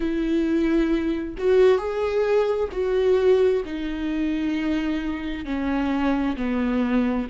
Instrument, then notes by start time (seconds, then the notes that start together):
viola
0.00 E4
1.38 F#4
1.78 G#4
2.72 F#4
3.65 D#4
5.45 C#4
6.36 B3